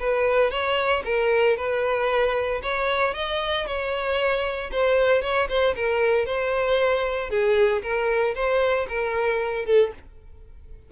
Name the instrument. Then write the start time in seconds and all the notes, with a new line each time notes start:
violin
0.00 B4
0.51 C#5
1.06 A#4
1.57 B4
2.63 C#5
3.14 D#5
3.67 C#5
4.72 C5
5.23 C#5
5.49 C5
5.76 A#4
6.26 C5
7.30 G#4
7.83 A#4
8.35 C5
8.89 A#4
9.66 A4